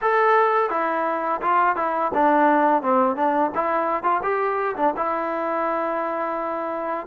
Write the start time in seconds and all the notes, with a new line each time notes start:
0.01 A4
0.70 E4
1.41 F4
1.76 E4
2.14 D4
2.82 C4
3.16 D4
3.55 E4
4.03 F4
4.22 G4
4.76 D4
4.96 E4